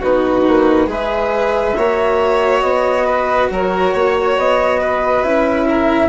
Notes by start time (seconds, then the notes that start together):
0.00 B3 D#4 F#4 B4
0.47 A#3
0.87 G#3 G#4 B4 E5
1.77 A#3 F#4 C#5
2.61 B3 D#5
3.06 B4
3.50 F#3 A#4 C#5
3.94 A#3 C#5
4.37 B3 D#5
4.80 B4
5.23 C#4 E4 E5
5.69 A#4